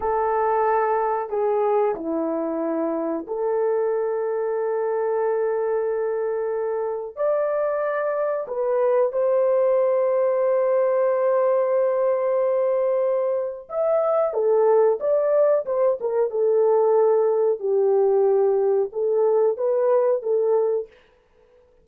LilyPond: \new Staff \with { instrumentName = "horn" } { \time 4/4 \tempo 4 = 92 a'2 gis'4 e'4~ | e'4 a'2.~ | a'2. d''4~ | d''4 b'4 c''2~ |
c''1~ | c''4 e''4 a'4 d''4 | c''8 ais'8 a'2 g'4~ | g'4 a'4 b'4 a'4 | }